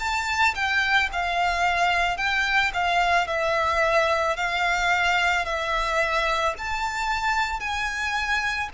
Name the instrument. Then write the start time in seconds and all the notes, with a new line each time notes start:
violin
0.00 A5
0.55 G5
1.13 F5
2.17 G5
2.74 F5
3.28 E5
4.37 F5
5.45 E5
6.59 A5
7.60 G#5